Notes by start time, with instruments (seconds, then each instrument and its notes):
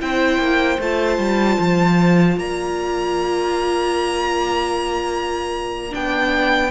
0.00 cello C4, viola E4, violin C5 G5
0.38 cello A#3
0.79 cello A3, viola F4, violin A5
1.18 cello G3
1.59 cello F3
2.37 cello A#3, violin D5 A#5
5.90 cello B3, viola D4, violin G5